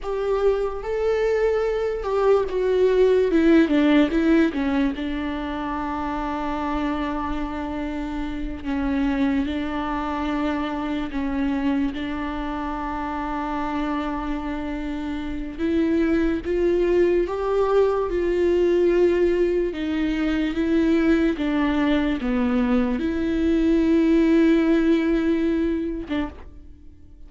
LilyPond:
\new Staff \with { instrumentName = "viola" } { \time 4/4 \tempo 4 = 73 g'4 a'4. g'8 fis'4 | e'8 d'8 e'8 cis'8 d'2~ | d'2~ d'8 cis'4 d'8~ | d'4. cis'4 d'4.~ |
d'2. e'4 | f'4 g'4 f'2 | dis'4 e'4 d'4 b4 | e'2.~ e'8. d'16 | }